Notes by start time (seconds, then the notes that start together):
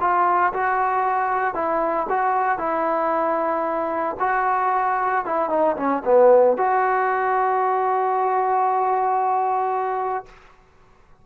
0.00 F4
0.53 F#4
1.54 E4
2.09 F#4
2.58 E4
4.20 F#4
5.25 E4
5.49 D#4
5.76 C#4
6.05 B3
6.57 F#4